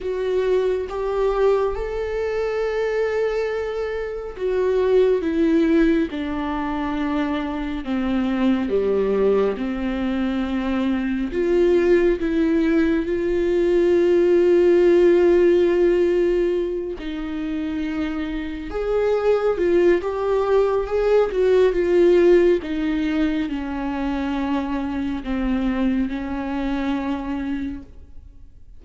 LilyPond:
\new Staff \with { instrumentName = "viola" } { \time 4/4 \tempo 4 = 69 fis'4 g'4 a'2~ | a'4 fis'4 e'4 d'4~ | d'4 c'4 g4 c'4~ | c'4 f'4 e'4 f'4~ |
f'2.~ f'8 dis'8~ | dis'4. gis'4 f'8 g'4 | gis'8 fis'8 f'4 dis'4 cis'4~ | cis'4 c'4 cis'2 | }